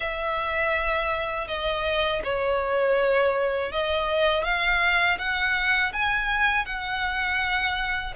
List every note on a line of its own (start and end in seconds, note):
0.00 1.47 E5
1.47 2.22 D#5
2.24 3.71 C#5
3.71 4.43 D#5
4.43 5.18 F5
5.18 5.92 F#5
5.92 6.65 G#5
6.65 8.13 F#5